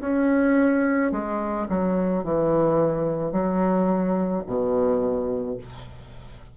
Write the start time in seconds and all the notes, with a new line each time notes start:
0.00 C#4
1.11 G#3
1.68 F#3
2.23 E3
3.32 F#3
4.46 B2